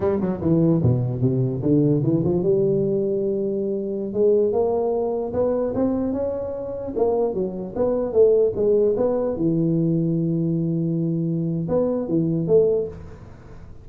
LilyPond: \new Staff \with { instrumentName = "tuba" } { \time 4/4 \tempo 4 = 149 g8 fis8 e4 b,4 c4 | d4 e8 f8 g2~ | g2~ g16 gis4 ais8.~ | ais4~ ais16 b4 c'4 cis'8.~ |
cis'4~ cis'16 ais4 fis4 b8.~ | b16 a4 gis4 b4 e8.~ | e1~ | e4 b4 e4 a4 | }